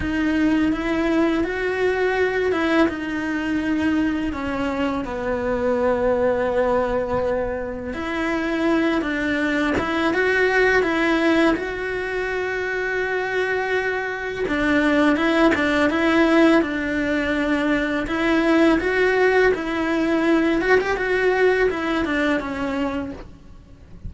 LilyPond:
\new Staff \with { instrumentName = "cello" } { \time 4/4 \tempo 4 = 83 dis'4 e'4 fis'4. e'8 | dis'2 cis'4 b4~ | b2. e'4~ | e'8 d'4 e'8 fis'4 e'4 |
fis'1 | d'4 e'8 d'8 e'4 d'4~ | d'4 e'4 fis'4 e'4~ | e'8 fis'16 g'16 fis'4 e'8 d'8 cis'4 | }